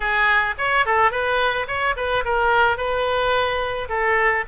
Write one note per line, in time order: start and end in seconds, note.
0.00 0.54 G#4
0.57 0.85 C#5
0.85 1.11 A4
1.11 1.66 B4
1.67 1.95 C#5
1.96 2.24 B4
2.24 2.77 A#4
2.77 3.88 B4
3.88 4.44 A4